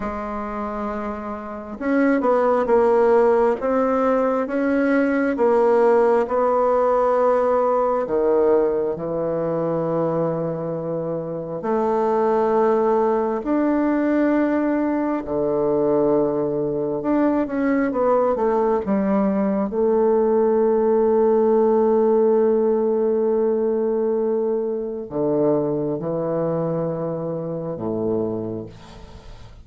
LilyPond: \new Staff \with { instrumentName = "bassoon" } { \time 4/4 \tempo 4 = 67 gis2 cis'8 b8 ais4 | c'4 cis'4 ais4 b4~ | b4 dis4 e2~ | e4 a2 d'4~ |
d'4 d2 d'8 cis'8 | b8 a8 g4 a2~ | a1 | d4 e2 a,4 | }